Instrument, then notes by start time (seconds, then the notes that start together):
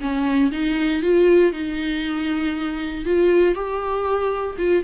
viola
0.00 C#4
0.52 D#4
1.02 F4
1.52 D#4
3.05 F4
3.54 G4
4.58 F4